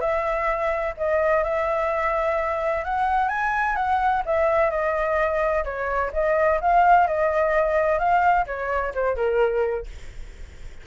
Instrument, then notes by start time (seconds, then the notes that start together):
flute
0.00 E5
0.97 D#5
1.43 E5
2.84 F#5
3.28 G#5
3.75 F#5
4.25 E5
4.70 D#5
5.64 C#5
6.13 D#5
6.60 F5
7.07 D#5
7.98 F5
8.46 C#5
8.94 C5
9.16 A#4